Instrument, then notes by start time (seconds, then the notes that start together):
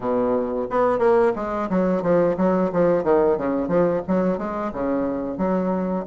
bassoon
0.00 B2
0.70 B3
0.98 A#3
1.35 G#3
1.69 F#3
2.02 F3
2.37 F#3
2.72 F3
3.03 D#3
3.37 C#3
3.67 F3
4.07 F#3
4.38 G#3
4.72 C#3
5.37 F#3